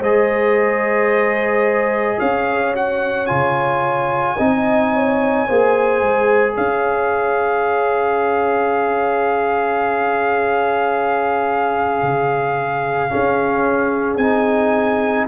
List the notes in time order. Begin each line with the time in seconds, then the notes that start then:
0.00 G#3 G#4 C5 D#5
2.19 C#4 C#5 F5
2.75 F#4 F#5
3.27 C#3 F4 G#5
4.37 C4 D#4 D#5
4.94 C#5
5.47 A#3 G#4 C5
6.02 G#3
6.54 C#4 C#5 F5
12.02 C#3
13.10 C#4 G#4
14.17 C4 D#4 G#5